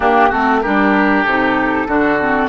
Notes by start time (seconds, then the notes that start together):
0.00 A#3 D4 G4
0.29 A3 C4 F#4 A4
0.61 G3 D4 G4 A#4
1.23 C3 D#4 A4
1.88 D3 D4 F#4
2.20 C4